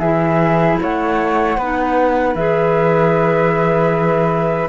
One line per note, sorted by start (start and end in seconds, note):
0.00 0.78 E3
0.00 1.59 E4
0.00 0.78 G#4
0.00 0.78 E5
0.82 1.58 A3
0.82 1.58 C#5
0.82 2.35 F#5
1.58 2.36 B3
1.58 2.38 D#4
1.58 4.70 B4
2.35 4.69 E3
2.35 4.70 G#4
2.35 4.69 E5